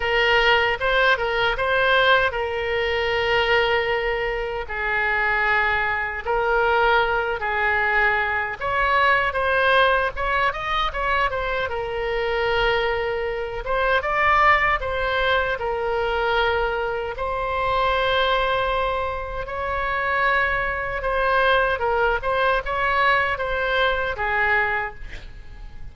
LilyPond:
\new Staff \with { instrumentName = "oboe" } { \time 4/4 \tempo 4 = 77 ais'4 c''8 ais'8 c''4 ais'4~ | ais'2 gis'2 | ais'4. gis'4. cis''4 | c''4 cis''8 dis''8 cis''8 c''8 ais'4~ |
ais'4. c''8 d''4 c''4 | ais'2 c''2~ | c''4 cis''2 c''4 | ais'8 c''8 cis''4 c''4 gis'4 | }